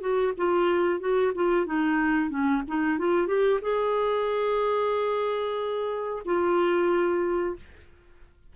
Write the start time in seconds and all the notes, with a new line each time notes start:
0.00 F#4
0.37 F4
1.00 F#4
1.35 F4
1.66 D#4
2.30 C#4
2.67 D#4
2.98 F4
3.27 G4
3.62 G#4
6.25 F4